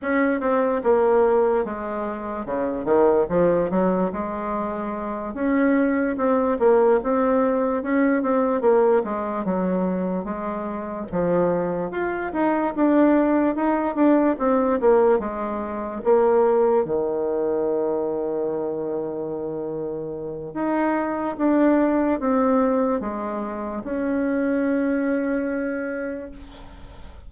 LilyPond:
\new Staff \with { instrumentName = "bassoon" } { \time 4/4 \tempo 4 = 73 cis'8 c'8 ais4 gis4 cis8 dis8 | f8 fis8 gis4. cis'4 c'8 | ais8 c'4 cis'8 c'8 ais8 gis8 fis8~ | fis8 gis4 f4 f'8 dis'8 d'8~ |
d'8 dis'8 d'8 c'8 ais8 gis4 ais8~ | ais8 dis2.~ dis8~ | dis4 dis'4 d'4 c'4 | gis4 cis'2. | }